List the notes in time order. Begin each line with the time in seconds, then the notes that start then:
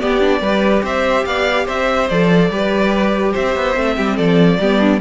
0.00 B3 G4 D5
0.20 D4
0.41 G3 G4 B4
0.84 C4 C5 E5
1.26 B3 D5 F5
1.66 C4 C5 E5
2.09 F3 A4 D5
2.50 G3 G4 B4
3.33 C4 C5 E5
3.56 B3
3.75 A3 C4
3.97 G3 G4
4.16 F3 A4 D5
4.59 G3 B3 G4
4.79 D4